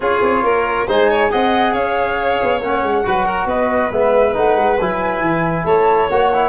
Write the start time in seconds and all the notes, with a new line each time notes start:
0.00 C#4 F4 G#4 C#5
0.21 C4
0.42 A#3 A#4
0.87 G#3 D#4 C5 G#5
1.09 C#5
1.30 C4 G#4 D#5 F#5
1.73 C#4 C#5 F5
2.42 B3
2.61 A#3 C#4 F#5
2.82 G#3
3.03 F#3 F#4 B4
3.25 A#4
3.45 B3 B4 D#5
3.91 G#3 B3 E5
4.33 A3 D#4 F#5
4.55 G#3
4.80 F#3 E4 G#5
5.20 E3
5.64 A3 C#5 A5
6.09 A#3 F#4 F#5
6.33 E4